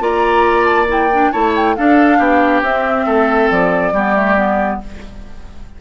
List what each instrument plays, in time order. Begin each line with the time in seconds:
0.00 bassoon A#3, clarinet F4, oboe D5, flute A#5
0.65 flute A5
0.88 clarinet E4, flute G5
1.13 clarinet D4
1.31 bassoon A3, clarinet E4, oboe C#5, flute A5
1.56 flute G5
1.75 clarinet D4, bassoon D4, oboe A4, flute F5
2.18 bassoon B3, oboe G4
2.62 bassoon C4, clarinet C4, flute E5
3.06 bassoon A3, oboe A4
3.50 bassoon F3, flute D5
3.92 bassoon G3, clarinet B3, oboe G4
4.15 clarinet A3
4.37 clarinet B3